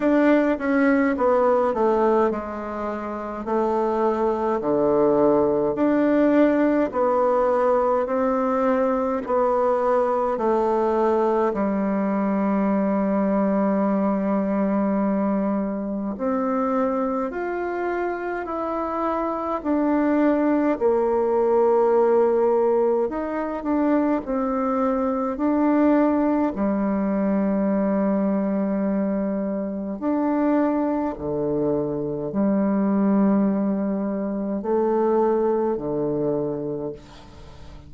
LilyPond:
\new Staff \with { instrumentName = "bassoon" } { \time 4/4 \tempo 4 = 52 d'8 cis'8 b8 a8 gis4 a4 | d4 d'4 b4 c'4 | b4 a4 g2~ | g2 c'4 f'4 |
e'4 d'4 ais2 | dis'8 d'8 c'4 d'4 g4~ | g2 d'4 d4 | g2 a4 d4 | }